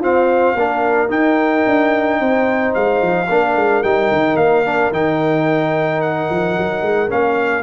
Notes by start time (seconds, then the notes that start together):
0.00 C4 F4 C5 F5
0.55 A#3 D4 A#4
1.09 D#4 G5
1.66 D4
2.20 C4 C5
2.74 G#3 F5
3.01 F3
3.28 A#3 D4 A#4
3.56 G#3
3.83 G3 D#4 G5
4.11 D#3
4.36 A#3 F5
4.65 D4
4.92 D#3 D#4 G5
6.01 F#5
6.30 F3
6.58 F#3
6.82 G#3
7.09 A#3 C#4 F5